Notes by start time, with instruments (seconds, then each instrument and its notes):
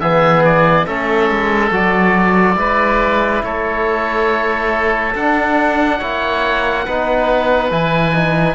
0.00 cello E3, trombone B3, oboe G#4 E5
0.44 oboe D5
0.86 cello A3, trombone C#4, oboe A4 E5
1.30 cello G#3
1.71 cello F#3, trombone F#4, oboe D5
2.56 cello G#3, trombone E4, oboe B4
3.43 cello A3, oboe A4 C#5
5.15 cello D4, trombone D4, oboe F#5
5.99 cello A#3, trombone E4, oboe C#5
6.85 cello B3, trombone D#4, oboe B4
7.70 cello E3, trombone E4, oboe G#5
8.13 trombone D#4